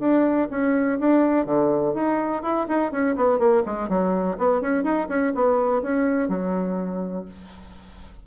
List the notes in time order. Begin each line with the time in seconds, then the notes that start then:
0.00 D4
0.51 C#4
1.00 D4
1.46 D3
1.94 D#4
2.43 E4
2.68 D#4
2.92 C#4
3.16 B3
3.39 A#3
3.66 G#3
3.89 F#3
4.38 B3
4.61 C#4
4.84 D#4
5.09 C#4
5.35 B3
5.82 C#4
6.29 F#3